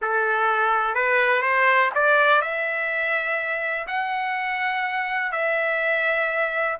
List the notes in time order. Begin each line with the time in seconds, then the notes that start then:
0.01 A4
0.94 B4
1.42 C5
1.94 D5
2.41 E5
3.87 F#5
5.31 E5